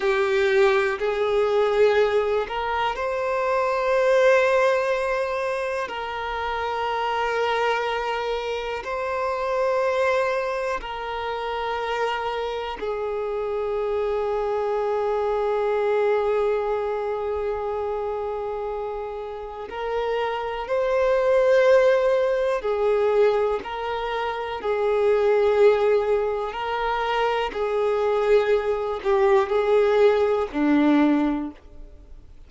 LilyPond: \new Staff \with { instrumentName = "violin" } { \time 4/4 \tempo 4 = 61 g'4 gis'4. ais'8 c''4~ | c''2 ais'2~ | ais'4 c''2 ais'4~ | ais'4 gis'2.~ |
gis'1 | ais'4 c''2 gis'4 | ais'4 gis'2 ais'4 | gis'4. g'8 gis'4 d'4 | }